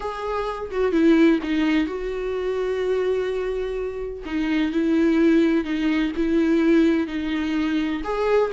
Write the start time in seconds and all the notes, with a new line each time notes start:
0.00 G#4
0.71 F#4
0.92 E4
1.43 D#4
1.86 F#4
4.25 D#4
4.72 E4
5.64 D#4
6.16 E4
7.07 D#4
8.03 G#4